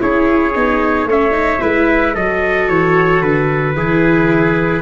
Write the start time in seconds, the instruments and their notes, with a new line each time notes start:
0.00 tuba C#4, viola E4, trumpet G#4 C#5
0.55 tuba B3, viola D#4
1.05 tuba A3, viola C#4, trumpet C#5
1.11 trumpet E5
1.31 viola D#4
1.61 tuba G#3, viola E4, trumpet B4
2.15 tuba F#3, viola F#4, trumpet A4 D#5
2.69 tuba E3, trumpet C#5
3.22 tuba D3, trumpet B4
3.75 tuba E3, viola E4, trumpet G#4